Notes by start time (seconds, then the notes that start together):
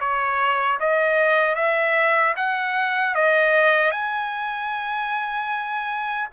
0.00 C#5
0.80 D#5
1.55 E5
2.36 F#5
3.15 D#5
3.91 G#5